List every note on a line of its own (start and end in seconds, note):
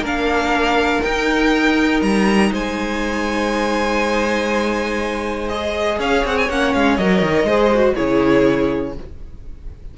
0.00 0.99 A#3
0.00 1.03 D4
0.00 2.51 A#4
0.07 1.02 F5
1.02 2.02 D#4
1.02 5.50 D#4
1.02 2.01 G5
2.02 2.51 G3
2.02 2.52 A#5
2.52 5.99 G#3
2.52 5.99 C5
2.52 5.49 G#5
5.49 6.49 G#4
5.49 5.98 D#5
5.99 6.24 C#4
5.99 7.46 C#5
5.99 6.26 F5
6.25 6.49 C4
6.25 6.38 F#5
6.38 6.50 G#5
6.49 6.74 A#3
6.49 7.00 C#4
6.49 6.74 F#5
6.74 6.99 G#3
6.74 6.97 F5
6.97 7.22 F#3
6.97 7.47 A#4
6.97 7.95 D#5
7.22 7.44 D#3
7.44 7.93 G#3
7.44 7.72 G#4
7.44 7.95 C5
7.75 7.96 F#4
7.95 8.98 C#3
7.95 8.95 E4
7.95 8.94 G#4
7.95 8.94 C#5